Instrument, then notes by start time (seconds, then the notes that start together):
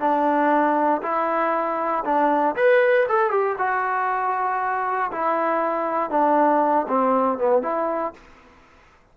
trombone
0.00 D4
1.03 E4
2.05 D4
2.56 B4
3.09 A4
3.31 G4
3.59 F#4
5.12 E4
6.11 D4
6.89 C4
7.39 B3
7.63 E4